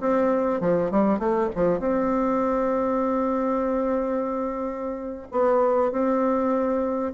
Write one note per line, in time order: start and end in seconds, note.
0.00 0.60 C4
0.60 0.91 F3
0.91 1.18 G3
1.18 1.49 A3
1.55 1.79 F3
1.79 5.28 C4
5.31 5.91 B3
5.91 7.13 C4